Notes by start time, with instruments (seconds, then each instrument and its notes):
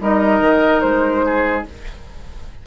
0.00 bassoon G3, clarinet D#4, oboe A#4, flute D#5
0.40 bassoon D#3
0.81 bassoon G#3, flute C5
1.25 oboe G#4